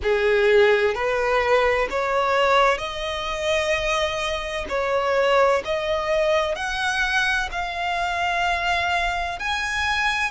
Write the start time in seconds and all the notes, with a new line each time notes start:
0.03 G#4
0.94 B4
1.90 C#5
2.77 D#5
4.68 C#5
5.64 D#5
6.55 F#5
7.51 F5
9.39 G#5